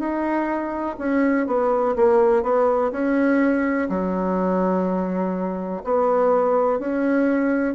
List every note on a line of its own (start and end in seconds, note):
0.00 0.97 D#4
0.99 1.47 C#4
1.47 1.96 B3
1.97 2.43 A#3
2.43 2.92 B3
2.92 3.89 C#4
3.90 5.83 F#3
5.84 6.80 B3
6.80 7.75 C#4